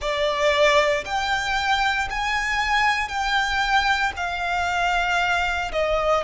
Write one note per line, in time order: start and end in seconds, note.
0.00 1.04 D5
1.05 2.08 G5
2.09 3.08 G#5
3.08 4.11 G5
4.16 5.71 F5
5.72 6.23 D#5